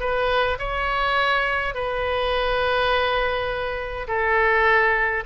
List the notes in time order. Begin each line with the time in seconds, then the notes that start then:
0.00 B4
0.59 C#5
1.74 B4
4.08 A4